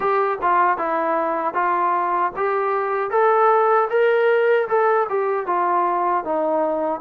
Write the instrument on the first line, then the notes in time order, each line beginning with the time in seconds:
trombone
0.00 G4
0.41 F4
0.77 E4
1.54 F4
2.36 G4
3.10 A4
3.90 A#4
4.68 A4
5.09 G4
5.46 F4
6.24 D#4